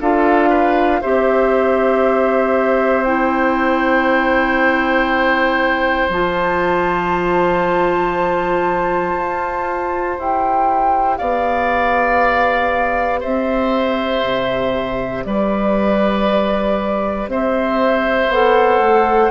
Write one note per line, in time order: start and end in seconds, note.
0.00 1.02 D4
0.00 1.02 F4
0.00 0.49 A4
0.00 1.02 F5
0.49 1.00 B4
1.01 6.08 C4
1.01 3.05 G4
1.01 11.18 C5
1.01 3.03 E5
3.03 6.10 E4
3.03 6.08 G5
6.08 9.13 F3
6.08 10.16 F4
6.08 10.19 A5
9.14 10.16 F4
10.16 11.20 E4
10.16 18.30 G4
10.16 11.17 G5
11.17 13.23 B3
11.17 13.20 D5
11.17 13.20 F5
13.20 14.24 C4
13.20 15.23 C5
13.20 15.25 E5
14.24 15.24 C3
15.24 17.27 G3
15.24 17.30 B4
15.24 17.28 D5
17.27 18.28 C4
17.27 19.30 C5
17.27 18.31 E5
18.28 18.78 B3
18.28 19.30 A4
18.28 19.30 F#5
18.78 19.29 A3